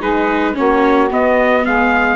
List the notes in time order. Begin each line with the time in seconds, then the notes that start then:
0.00 G#3 D#4 G#4 B4
0.54 A#3 C#4 F#4 C#5
1.11 B3 D#5
1.66 G#3 G#4 F5